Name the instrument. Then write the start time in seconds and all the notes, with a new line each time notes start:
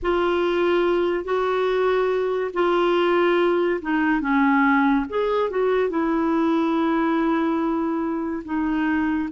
clarinet
0.02 F4
1.24 F#4
2.54 F4
3.81 D#4
4.21 C#4
5.09 G#4
5.50 F#4
5.89 E4
8.44 D#4